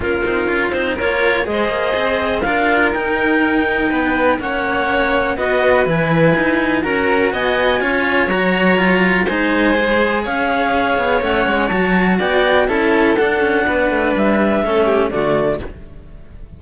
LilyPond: <<
  \new Staff \with { instrumentName = "clarinet" } { \time 4/4 \tempo 4 = 123 ais'4. c''8 cis''4 dis''4~ | dis''4 f''4 g''2~ | g''4 fis''2 dis''4 | gis''2 ais''4 gis''4~ |
gis''4 ais''2 gis''4~ | gis''4 f''2 fis''4 | a''4 g''4 a''4 fis''4~ | fis''4 e''2 d''4 | }
  \new Staff \with { instrumentName = "violin" } { \time 4/4 f'2 ais'4 c''4~ | c''4 ais'2. | b'4 cis''2 b'4~ | b'2 ais'4 dis''4 |
cis''2. c''4~ | c''4 cis''2.~ | cis''4 d''4 a'2 | b'2 a'8 g'8 fis'4 | }
  \new Staff \with { instrumentName = "cello" } { \time 4/4 cis'8 dis'8 f'8 dis'8 f'4 gis'4~ | gis'4 f'4 dis'2~ | dis'4 cis'2 fis'4 | e'2 fis'2 |
f'4 fis'4 f'4 dis'4 | gis'2. cis'4 | fis'2 e'4 d'4~ | d'2 cis'4 a4 | }
  \new Staff \with { instrumentName = "cello" } { \time 4/4 ais8 c'8 cis'8 c'8 ais4 gis8 ais8 | c'4 d'4 dis'2 | b4 ais2 b4 | e4 dis'4 cis'4 b4 |
cis'4 fis2 gis4~ | gis4 cis'4. b8 a8 gis8 | fis4 b4 cis'4 d'8 cis'8 | b8 a8 g4 a4 d4 | }
>>